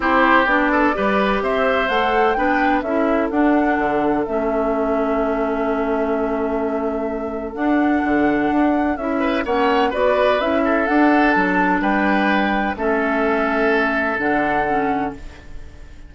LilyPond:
<<
  \new Staff \with { instrumentName = "flute" } { \time 4/4 \tempo 4 = 127 c''4 d''2 e''4 | fis''4 g''4 e''4 fis''4~ | fis''4 e''2.~ | e''1 |
fis''2. e''4 | fis''4 d''4 e''4 fis''4 | a''4 g''2 e''4~ | e''2 fis''2 | }
  \new Staff \with { instrumentName = "oboe" } { \time 4/4 g'4. a'8 b'4 c''4~ | c''4 b'4 a'2~ | a'1~ | a'1~ |
a'2.~ a'8 b'8 | cis''4 b'4. a'4.~ | a'4 b'2 a'4~ | a'1 | }
  \new Staff \with { instrumentName = "clarinet" } { \time 4/4 e'4 d'4 g'2 | a'4 d'4 e'4 d'4~ | d'4 cis'2.~ | cis'1 |
d'2. e'4 | cis'4 fis'4 e'4 d'4~ | d'2. cis'4~ | cis'2 d'4 cis'4 | }
  \new Staff \with { instrumentName = "bassoon" } { \time 4/4 c'4 b4 g4 c'4 | a4 b4 cis'4 d'4 | d4 a2.~ | a1 |
d'4 d4 d'4 cis'4 | ais4 b4 cis'4 d'4 | fis4 g2 a4~ | a2 d2 | }
>>